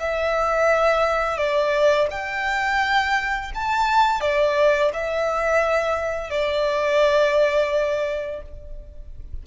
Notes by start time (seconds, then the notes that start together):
0.00 E5
1.38 D5
2.11 G5
3.55 A5
4.21 D5
4.94 E5
6.31 D5